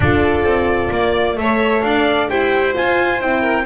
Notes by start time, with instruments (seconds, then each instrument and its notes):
0.00 double bass D4, horn F4, violin A4, trumpet D5
0.43 double bass C4
0.91 double bass A#3, violin D5
1.36 double bass A3, horn A4, violin C#5, trumpet E5
1.82 double bass D4, violin D5, trumpet F5
2.29 double bass E4, horn G4, violin C5, trumpet G5
2.73 horn F4, double bass F4, trumpet G#5
3.20 double bass C4, horn E4, trumpet G5
3.40 violin A#4